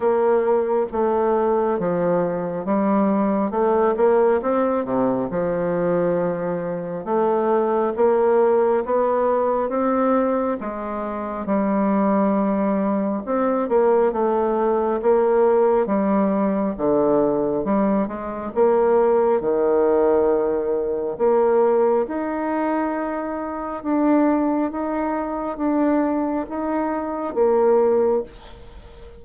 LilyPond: \new Staff \with { instrumentName = "bassoon" } { \time 4/4 \tempo 4 = 68 ais4 a4 f4 g4 | a8 ais8 c'8 c8 f2 | a4 ais4 b4 c'4 | gis4 g2 c'8 ais8 |
a4 ais4 g4 d4 | g8 gis8 ais4 dis2 | ais4 dis'2 d'4 | dis'4 d'4 dis'4 ais4 | }